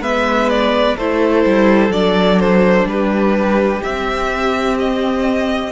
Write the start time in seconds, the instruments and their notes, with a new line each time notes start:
0.00 cello G#3, viola B3, violin B4 E5
0.49 violin D5
0.97 cello A3, viola E4, violin A4 C5
1.45 cello G3
1.89 cello F#3, viola D4, violin D5
2.40 violin C5
2.86 cello G3, violin G4 B4
3.83 cello C4, viola C4, violin E5
4.79 violin D#5